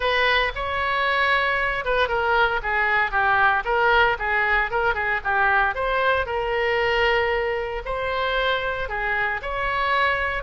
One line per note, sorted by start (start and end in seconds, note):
0.00 0.52 B4
0.55 1.84 C#5
1.84 2.08 B4
2.08 2.60 A#4
2.62 3.11 G#4
3.11 3.63 G4
3.65 4.17 A#4
4.19 4.70 G#4
4.70 4.94 A#4
4.94 5.20 G#4
5.23 5.74 G4
5.74 6.26 C5
6.26 7.82 A#4
7.85 8.88 C5
8.88 9.41 G#4
9.42 10.43 C#5